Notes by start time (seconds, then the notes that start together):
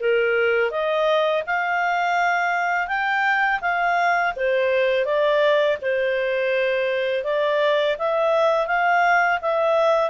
0.00 A#4
0.71 D#5
1.47 F5
2.88 G5
3.61 F5
4.36 C5
5.05 D5
5.82 C5
7.24 D5
7.99 E5
8.67 F5
9.42 E5